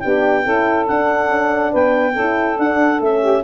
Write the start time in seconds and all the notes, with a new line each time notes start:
0.00 B3 D4 G4 G5
0.45 C#4 E4 A4
0.87 D4 F#5
1.29 C#4
1.71 B3 B4 G5
2.14 C#4 E4 A4
2.56 D4 F#5
3.00 A3 C#4 E5
3.21 G4